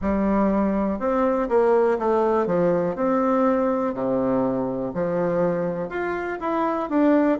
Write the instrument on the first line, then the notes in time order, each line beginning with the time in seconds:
bassoon
0.01 G3
0.99 C4
1.48 A#3
1.99 A3
2.46 F3
2.95 C4
3.93 C3
4.94 F3
5.89 F4
6.40 E4
6.89 D4